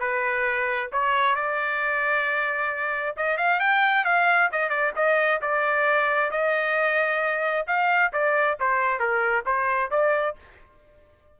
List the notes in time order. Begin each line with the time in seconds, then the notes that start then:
0.00 B4
0.92 C#5
1.36 D5
3.17 D#5
3.38 F5
3.60 G5
4.05 F5
4.52 D#5
4.69 D5
4.96 D#5
5.42 D5
6.31 D#5
7.67 F5
8.13 D5
8.60 C5
8.99 A#4
9.46 C5
9.91 D5